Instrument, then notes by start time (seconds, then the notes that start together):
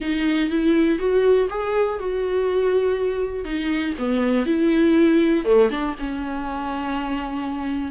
viola
0.00 D#4
0.50 E4
0.98 F#4
1.49 G#4
1.99 F#4
3.45 D#4
3.98 B3
4.46 E4
5.45 A3
5.70 D4
5.99 C#4